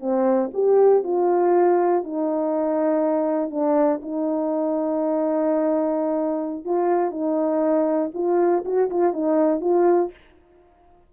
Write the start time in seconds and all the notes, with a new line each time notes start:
0.00 C4
0.54 G4
1.04 F4
2.04 D#4
3.51 D4
4.02 D#4
6.65 F4
7.11 D#4
8.14 F4
8.65 F#4
8.90 F4
9.13 D#4
9.61 F4